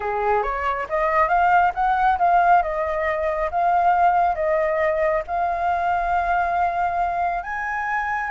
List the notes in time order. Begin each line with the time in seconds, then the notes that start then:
0.00 G#4
0.42 C#5
0.89 D#5
1.28 F5
1.74 F#5
2.18 F5
2.62 D#5
3.50 F5
4.35 D#5
5.27 F5
7.43 G#5